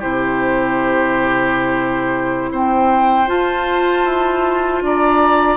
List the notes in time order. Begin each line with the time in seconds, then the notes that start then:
0.00 C3 E4 G4 C5
2.52 C4 C5 G5
3.27 F4 A5
4.05 E4
4.82 D4 D5 A#5